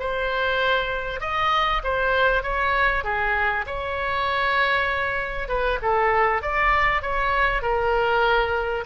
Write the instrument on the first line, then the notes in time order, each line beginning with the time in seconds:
oboe
0.00 C5
1.21 D#5
1.84 C5
2.43 C#5
3.04 G#4
3.67 C#5
5.49 B4
5.82 A4
6.42 D5
7.02 C#5
7.62 A#4